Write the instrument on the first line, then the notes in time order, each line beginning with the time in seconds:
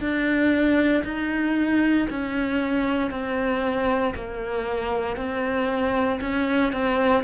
cello
0.00 D4
1.04 D#4
2.10 C#4
3.11 C4
4.15 A#3
5.17 C4
6.21 C#4
6.72 C4